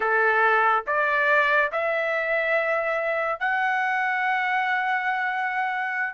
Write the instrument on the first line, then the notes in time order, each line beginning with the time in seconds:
trumpet
0.00 A4
0.86 D5
1.71 E5
3.39 F#5